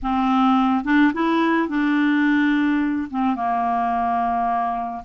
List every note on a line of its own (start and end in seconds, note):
0.02 0.84 C4
0.84 1.12 D4
1.13 1.68 E4
1.68 3.08 D4
3.10 3.35 C4
3.35 5.03 A#3